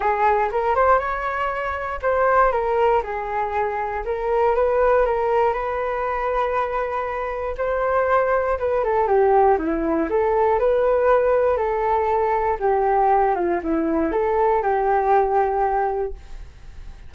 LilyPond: \new Staff \with { instrumentName = "flute" } { \time 4/4 \tempo 4 = 119 gis'4 ais'8 c''8 cis''2 | c''4 ais'4 gis'2 | ais'4 b'4 ais'4 b'4~ | b'2. c''4~ |
c''4 b'8 a'8 g'4 e'4 | a'4 b'2 a'4~ | a'4 g'4. f'8 e'4 | a'4 g'2. | }